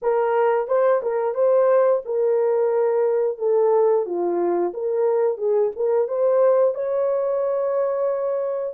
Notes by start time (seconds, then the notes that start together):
0.02 A#4
0.67 C5
1.02 A#4
1.34 C5
2.05 A#4
3.38 A4
4.05 F4
4.73 A#4
5.37 G#4
5.75 A#4
6.08 C5
6.74 C#5